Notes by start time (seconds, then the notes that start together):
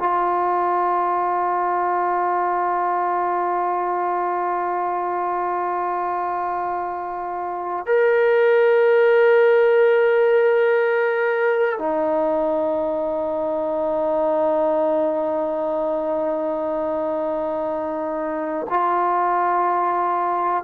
0.00 F4
7.86 A#4
11.79 D#4
18.70 F4